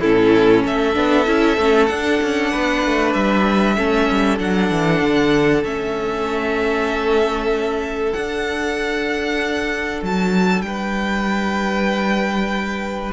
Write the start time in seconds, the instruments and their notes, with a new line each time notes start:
0.00 cello A2, viola C#4, violin E4 A4
0.64 cello A3, violin A4 E5
0.94 cello B3, viola D4
1.26 cello C#4, viola E4
1.58 cello A3, viola C#4
1.86 cello D4, viola D4, violin F#5
2.22 cello C#4
2.51 cello B3, violin B4
2.86 cello A3
3.13 cello G3, violin E5
3.76 cello A3, viola C#4, violin A4
4.11 cello G3
4.39 cello F#3, viola D4, violin F#5
4.71 cello E3
5.01 cello D3
5.63 cello A3, viola C#4, violin E5
8.13 viola D4, cello D4, violin F#5
10.03 cello F#3, violin A5
10.61 cello G3, violin B4 G5